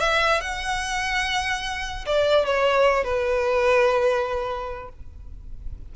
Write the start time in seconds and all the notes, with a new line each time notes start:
0.00 E5
0.41 F#5
2.06 D5
2.46 C#5
3.04 B4